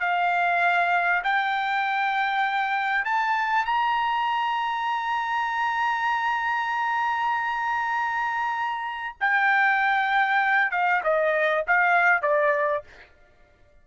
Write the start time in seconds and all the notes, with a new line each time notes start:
0.00 F5
1.24 G5
3.05 A5
3.65 A#5
9.21 G5
10.71 F5
11.04 D#5
11.67 F5
12.22 D5